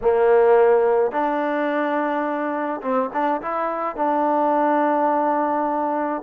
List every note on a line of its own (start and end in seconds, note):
0.01 1.11 A#3
1.11 2.81 D4
2.81 3.10 C4
3.13 3.41 D4
3.41 3.96 E4
3.96 6.22 D4